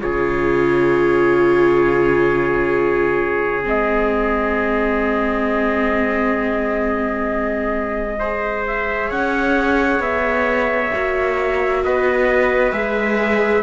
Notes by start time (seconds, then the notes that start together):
0.00 C#3 F4 G#4 C#5
3.63 G#3 C4 D#5
8.19 G#4 C5
8.67 E5
9.08 C#4 C#5 F#5
9.99 B3 E5
10.92 A#3 F#4
11.84 B3 B4 D#5
12.71 G#3 G#4 E5